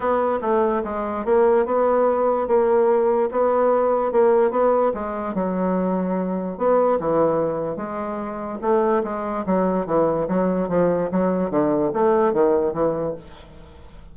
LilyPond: \new Staff \with { instrumentName = "bassoon" } { \time 4/4 \tempo 4 = 146 b4 a4 gis4 ais4 | b2 ais2 | b2 ais4 b4 | gis4 fis2. |
b4 e2 gis4~ | gis4 a4 gis4 fis4 | e4 fis4 f4 fis4 | d4 a4 dis4 e4 | }